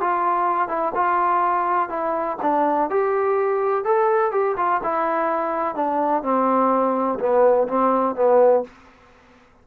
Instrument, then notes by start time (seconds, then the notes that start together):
trombone
0.00 F4
0.68 E4
0.94 F4
1.89 E4
2.42 D4
2.90 G4
3.84 A4
4.31 G4
4.56 F4
4.83 E4
5.75 D4
6.22 C4
7.19 B3
7.68 C4
8.15 B3